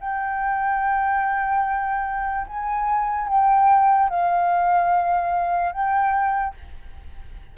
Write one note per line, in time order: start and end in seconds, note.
0.00 2.47 G5
2.47 3.28 G#5
3.28 4.09 G5
4.09 5.72 F5
5.72 6.54 G5